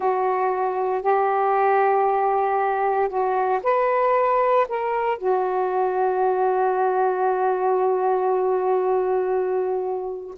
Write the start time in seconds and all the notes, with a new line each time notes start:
0.00 F#4
1.02 G4
3.08 F#4
3.63 B4
4.68 A#4
5.18 F#4